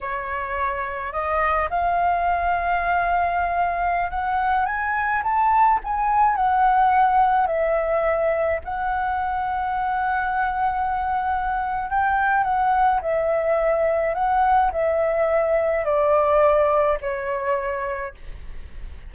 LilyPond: \new Staff \with { instrumentName = "flute" } { \time 4/4 \tempo 4 = 106 cis''2 dis''4 f''4~ | f''2.~ f''16 fis''8.~ | fis''16 gis''4 a''4 gis''4 fis''8.~ | fis''4~ fis''16 e''2 fis''8.~ |
fis''1~ | fis''4 g''4 fis''4 e''4~ | e''4 fis''4 e''2 | d''2 cis''2 | }